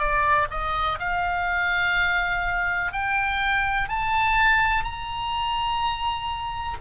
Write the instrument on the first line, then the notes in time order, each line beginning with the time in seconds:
oboe
0.00 D5
0.51 D#5
1.00 F5
2.93 G5
3.89 A5
4.84 A#5